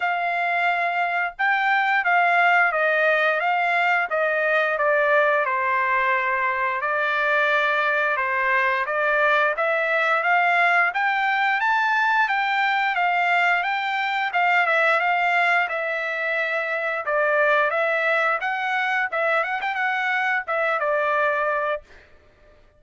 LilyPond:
\new Staff \with { instrumentName = "trumpet" } { \time 4/4 \tempo 4 = 88 f''2 g''4 f''4 | dis''4 f''4 dis''4 d''4 | c''2 d''2 | c''4 d''4 e''4 f''4 |
g''4 a''4 g''4 f''4 | g''4 f''8 e''8 f''4 e''4~ | e''4 d''4 e''4 fis''4 | e''8 fis''16 g''16 fis''4 e''8 d''4. | }